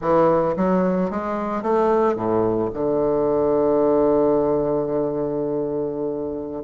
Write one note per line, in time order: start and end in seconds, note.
0.01 0.55 E3
0.56 1.10 F#3
1.10 1.62 G#3
1.62 2.15 A3
2.15 2.69 A2
2.73 6.63 D3